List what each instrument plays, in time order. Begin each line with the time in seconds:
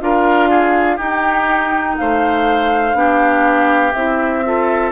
0.00 bassoon D4, clarinet F4, oboe A#4, flute F5
0.49 oboe G#4
0.96 bassoon D#4, clarinet D#4, oboe G4
1.03 flute G5
1.97 bassoon A3, oboe C5, flute F5
2.93 bassoon B3, clarinet D4, oboe G4
3.92 bassoon C4, clarinet E4, flute E5
4.44 clarinet F4, oboe A4